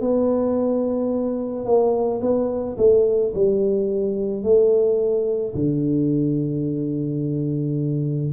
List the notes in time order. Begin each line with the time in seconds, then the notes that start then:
0.00 B3
1.65 A#3
2.21 B3
2.77 A3
3.34 G3
4.42 A3
5.55 D3